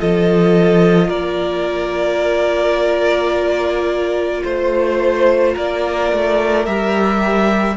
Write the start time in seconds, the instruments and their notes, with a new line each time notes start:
0.00 cello F3, viola F4, violin A4 D#5
1.08 cello A#3, violin A#4 D5
4.44 cello A3, violin C5
5.53 cello A#3, violin A#4 D5
6.13 cello A3
6.66 cello G3, viola G4, violin E5